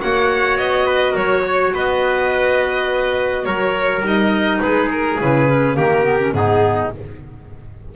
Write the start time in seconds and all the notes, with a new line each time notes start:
0.00 A#3 F#4 C#5 F#5
0.58 B3 D#5
0.86 B4
1.12 F#3 A#4 C#5
1.46 C#5
1.73 B3 B4 D#5
3.44 F#3 A#4 C#5
4.01 G3 D#4 D#5
4.60 G#3 G#4 B4
4.91 A#4
5.20 C#3 E4 B4
5.47 C#4
5.75 D#3 A#3 G4 A#4
6.03 B3
6.19 C#4
6.32 G#2 B3 D#4 G#4